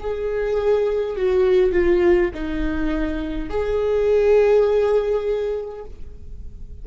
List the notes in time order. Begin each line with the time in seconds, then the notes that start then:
0.00 G#4
1.16 F#4
1.72 F4
2.34 D#4
3.50 G#4